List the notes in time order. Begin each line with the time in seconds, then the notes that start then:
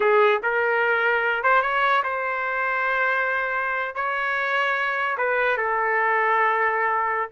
0.00 G#4
0.43 A#4
1.43 C5
1.62 C#5
2.03 C5
3.95 C#5
5.17 B4
5.57 A4